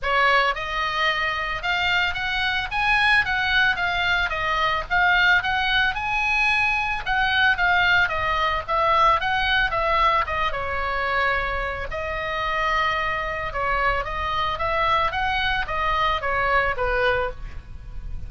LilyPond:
\new Staff \with { instrumentName = "oboe" } { \time 4/4 \tempo 4 = 111 cis''4 dis''2 f''4 | fis''4 gis''4 fis''4 f''4 | dis''4 f''4 fis''4 gis''4~ | gis''4 fis''4 f''4 dis''4 |
e''4 fis''4 e''4 dis''8 cis''8~ | cis''2 dis''2~ | dis''4 cis''4 dis''4 e''4 | fis''4 dis''4 cis''4 b'4 | }